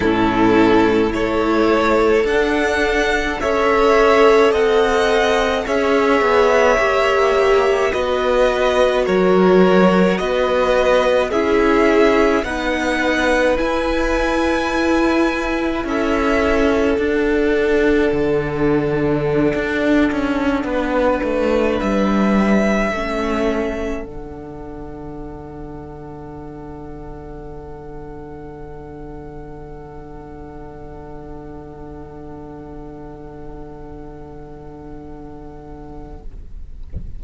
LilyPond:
<<
  \new Staff \with { instrumentName = "violin" } { \time 4/4 \tempo 4 = 53 a'4 cis''4 fis''4 e''4 | fis''4 e''2 dis''4 | cis''4 dis''4 e''4 fis''4 | gis''2 e''4 fis''4~ |
fis''2.~ fis''16 e''8.~ | e''4~ e''16 fis''2~ fis''8.~ | fis''1~ | fis''1 | }
  \new Staff \with { instrumentName = "violin" } { \time 4/4 e'4 a'2 cis''4 | dis''4 cis''2 b'4 | ais'4 b'4 gis'4 b'4~ | b'2 a'2~ |
a'2~ a'16 b'4.~ b'16~ | b'16 a'2.~ a'8.~ | a'1~ | a'1 | }
  \new Staff \with { instrumentName = "viola" } { \time 4/4 cis'4 e'4 d'4 a'4~ | a'4 gis'4 g'4 fis'4~ | fis'2 e'4 dis'4 | e'2. d'4~ |
d'1~ | d'16 cis'4 d'2~ d'8.~ | d'1~ | d'1 | }
  \new Staff \with { instrumentName = "cello" } { \time 4/4 a,4 a4 d'4 cis'4 | c'4 cis'8 b8 ais4 b4 | fis4 b4 cis'4 b4 | e'2 cis'4 d'4 |
d4~ d16 d'8 cis'8 b8 a8 g8.~ | g16 a4 d2~ d8.~ | d1~ | d1 | }
>>